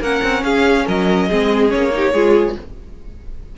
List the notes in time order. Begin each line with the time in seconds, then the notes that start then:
0.00 A#3 C#4 A#4 F#5
0.23 C4
0.43 C#4 G#4 F5
0.86 F#3 A#4 D#5
1.28 G#3 C4 G#4
1.69 A#3 C#4 C#5
1.92 D#4 G4
2.13 G#3 F4 G#4